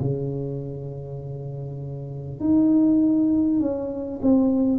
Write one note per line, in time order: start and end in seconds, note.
0.00 2.40 C#3
2.41 3.60 D#4
3.60 4.20 C#4
4.22 4.79 C4